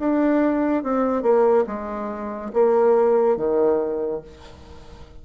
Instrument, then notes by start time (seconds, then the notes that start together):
bassoon
0.00 D4
0.84 C4
1.23 A#3
1.67 G#3
2.54 A#3
3.37 D#3